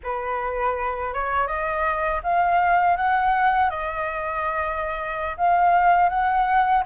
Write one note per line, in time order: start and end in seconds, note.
0.03 1.13 B4
1.13 1.47 C#5
1.47 2.21 D#5
2.23 2.96 F5
2.96 3.69 F#5
3.69 5.36 D#5
5.37 6.09 F5
6.09 6.83 F#5